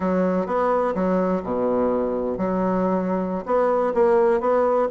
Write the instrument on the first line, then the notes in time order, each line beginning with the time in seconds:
bassoon
0.00 F#3
0.46 B3
0.94 F#3
1.43 B2
2.37 F#3
3.45 B3
3.94 A#3
4.40 B3